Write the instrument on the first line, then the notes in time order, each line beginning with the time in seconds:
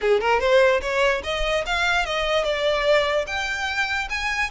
violin
0.01 G#4
0.20 A#4
0.40 C5
0.81 C#5
1.23 D#5
1.66 F5
2.05 D#5
2.44 D5
3.26 G5
4.09 G#5